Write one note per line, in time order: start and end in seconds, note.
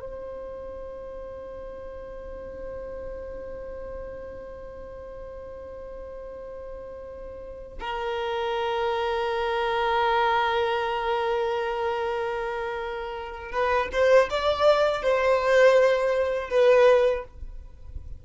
0.00 7.78 C5
7.80 13.52 A#4
13.52 13.89 B4
13.92 14.29 C5
14.30 15.02 D5
15.02 16.50 C5
16.50 17.24 B4